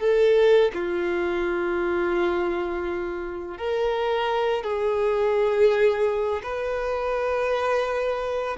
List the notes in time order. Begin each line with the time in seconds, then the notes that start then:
0.00 A4
0.74 F4
3.58 A#4
4.63 G#4
6.43 B4